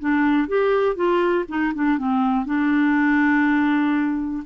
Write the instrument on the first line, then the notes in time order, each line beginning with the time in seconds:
clarinet
0.00 D4
0.48 G4
0.96 F4
1.49 D#4
1.75 D4
1.98 C4
2.46 D4